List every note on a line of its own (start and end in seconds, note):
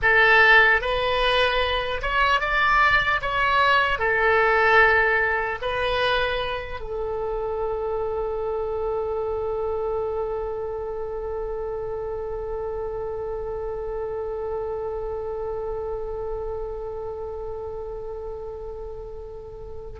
0.01 0.81 A4
0.81 2.01 B4
2.01 2.40 C#5
2.40 3.20 D5
3.21 3.98 C#5
3.98 5.58 A4
5.61 6.80 B4
6.80 19.99 A4